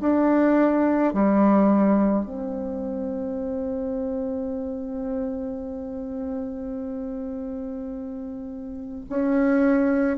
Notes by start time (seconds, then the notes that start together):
0.00 D4
1.13 G3
2.25 C4
9.09 C#4